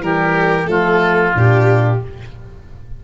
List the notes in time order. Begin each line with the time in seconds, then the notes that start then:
0.00 E3 G3 G4 A#4
0.66 F3 A3 F4 A4
1.35 A#2 D4 G4